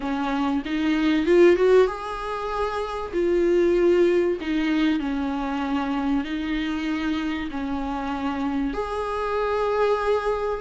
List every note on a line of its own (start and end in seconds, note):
0.00 0.62 C#4
0.65 1.26 D#4
1.26 1.55 F4
1.55 1.87 F#4
1.87 3.12 G#4
3.12 4.38 F4
4.40 4.99 D#4
4.99 6.24 C#4
6.24 7.49 D#4
7.51 8.73 C#4
8.73 10.61 G#4